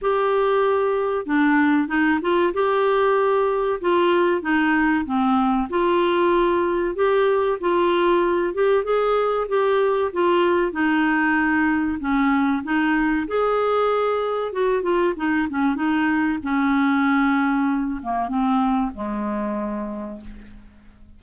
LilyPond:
\new Staff \with { instrumentName = "clarinet" } { \time 4/4 \tempo 4 = 95 g'2 d'4 dis'8 f'8 | g'2 f'4 dis'4 | c'4 f'2 g'4 | f'4. g'8 gis'4 g'4 |
f'4 dis'2 cis'4 | dis'4 gis'2 fis'8 f'8 | dis'8 cis'8 dis'4 cis'2~ | cis'8 ais8 c'4 gis2 | }